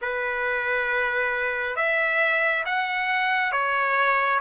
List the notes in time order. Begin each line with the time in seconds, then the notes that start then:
0.01 B4
1.76 E5
2.65 F#5
3.51 C#5